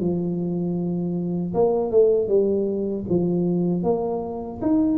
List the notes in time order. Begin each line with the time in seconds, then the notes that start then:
0.00 F3
1.54 A#3
1.91 A3
2.28 G3
3.09 F3
3.84 A#3
4.62 D#4